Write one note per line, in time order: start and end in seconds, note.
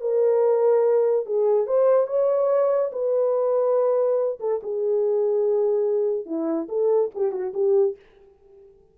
0.00 1.25 A#4
1.25 1.66 G#4
1.66 2.07 C5
2.07 2.91 C#5
2.92 4.39 B4
4.39 4.60 A4
4.63 6.25 G#4
6.25 6.67 E4
6.68 7.10 A4
7.14 7.31 G4
7.31 7.52 F#4
7.54 7.95 G4